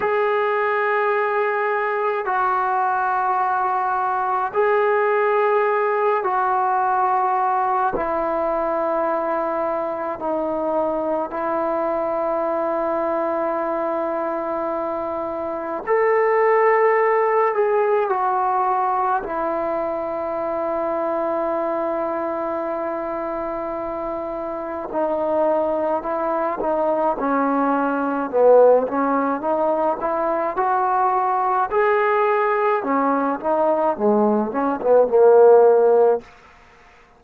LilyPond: \new Staff \with { instrumentName = "trombone" } { \time 4/4 \tempo 4 = 53 gis'2 fis'2 | gis'4. fis'4. e'4~ | e'4 dis'4 e'2~ | e'2 a'4. gis'8 |
fis'4 e'2.~ | e'2 dis'4 e'8 dis'8 | cis'4 b8 cis'8 dis'8 e'8 fis'4 | gis'4 cis'8 dis'8 gis8 cis'16 b16 ais4 | }